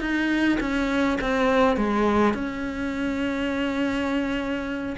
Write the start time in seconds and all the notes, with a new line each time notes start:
0.00 D#4
0.60 C#4
1.21 C4
1.76 G#3
2.34 C#4